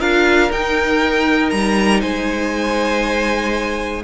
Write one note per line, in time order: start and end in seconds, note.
0.00 0.51 D4
0.00 0.51 F4
0.00 2.01 A#4
0.00 0.51 F5
0.52 1.52 D#4
0.52 4.04 D#4
0.52 1.50 G5
1.50 2.03 G3
1.50 2.01 A#5
2.01 4.04 G#3
2.01 4.03 C5
2.01 4.03 G#5